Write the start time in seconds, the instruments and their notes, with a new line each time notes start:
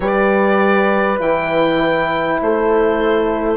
0.00 bassoon G3, horn G4 B4, oboe D5
1.19 bassoon E3, horn E4, oboe G5
2.41 bassoon A3, horn A4, oboe C5